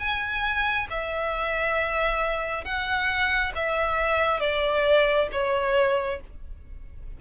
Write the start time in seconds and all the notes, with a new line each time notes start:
0.00 G#5
0.91 E5
2.65 F#5
3.56 E5
4.40 D5
5.33 C#5